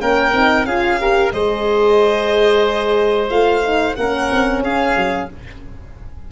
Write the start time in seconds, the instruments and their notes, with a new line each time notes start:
0.00 tuba A#3, horn C#4, oboe A#4, violin G5
0.33 tuba C4, horn D#4
0.65 tuba C#4, horn F4, oboe G#4, violin F5
1.00 horn G4, oboe A#4
1.33 tuba G#3, horn G#4, oboe C5, violin D#5
3.30 tuba A3, horn F4, violin F5
3.63 horn D#4
3.96 tuba A#3, horn C#4, oboe A#4, violin F#5
4.32 tuba C4
4.63 tuba C#4, oboe G#4, violin F5
4.96 tuba F#3